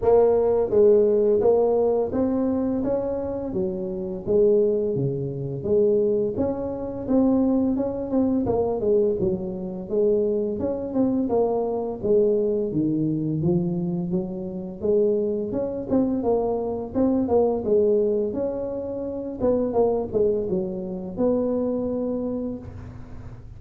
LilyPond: \new Staff \with { instrumentName = "tuba" } { \time 4/4 \tempo 4 = 85 ais4 gis4 ais4 c'4 | cis'4 fis4 gis4 cis4 | gis4 cis'4 c'4 cis'8 c'8 | ais8 gis8 fis4 gis4 cis'8 c'8 |
ais4 gis4 dis4 f4 | fis4 gis4 cis'8 c'8 ais4 | c'8 ais8 gis4 cis'4. b8 | ais8 gis8 fis4 b2 | }